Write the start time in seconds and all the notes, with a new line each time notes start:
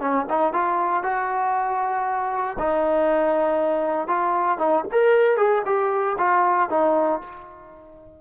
0.00 C#4
0.30 D#4
0.53 F4
1.03 F#4
2.59 D#4
4.08 F4
4.59 D#4
4.92 A#4
5.37 G#4
5.65 G4
6.18 F4
6.69 D#4